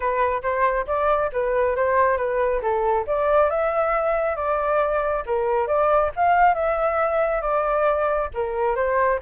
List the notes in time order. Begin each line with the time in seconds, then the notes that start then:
0.00 B4
0.42 C5
0.87 D5
1.32 B4
1.75 C5
2.17 B4
2.62 A4
3.06 D5
3.50 E5
4.36 D5
5.26 A#4
5.67 D5
6.16 F5
6.54 E5
7.41 D5
8.34 A#4
8.75 C5